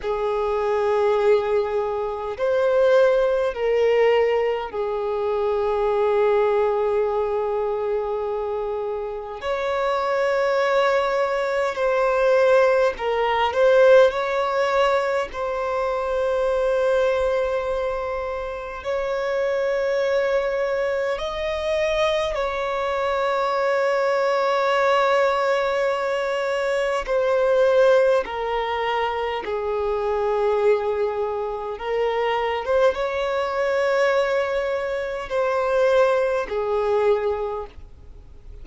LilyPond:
\new Staff \with { instrumentName = "violin" } { \time 4/4 \tempo 4 = 51 gis'2 c''4 ais'4 | gis'1 | cis''2 c''4 ais'8 c''8 | cis''4 c''2. |
cis''2 dis''4 cis''4~ | cis''2. c''4 | ais'4 gis'2 ais'8. c''16 | cis''2 c''4 gis'4 | }